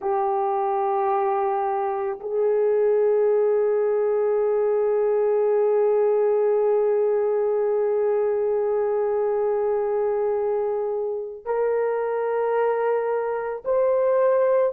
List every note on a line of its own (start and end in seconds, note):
0.01 2.19 G4
2.20 11.45 G#4
11.45 13.63 A#4
13.64 14.73 C5